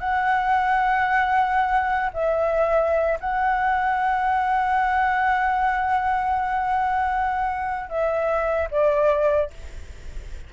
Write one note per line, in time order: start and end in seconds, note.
0.00 2.11 F#5
2.14 3.19 E5
3.20 7.90 F#5
7.90 8.69 E5
8.72 9.50 D5